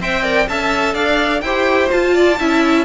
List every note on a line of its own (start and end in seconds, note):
0.00 0.48 C4
0.00 0.23 C5
0.00 0.22 E5
0.00 0.48 G5
0.22 0.47 A#4
0.22 0.46 D5
0.47 0.94 C#4
0.47 1.43 A4
0.47 0.94 E5
0.47 0.94 A5
0.94 1.42 D4
0.94 1.41 D5
0.94 1.41 F5
1.41 1.89 E4
1.41 1.89 G4
1.41 2.14 C5
1.41 1.88 G5
1.89 2.37 F4
1.89 2.39 F4
1.89 2.85 A5
2.14 2.37 D5
2.39 2.85 C#4
2.39 2.85 E4
2.39 2.85 E5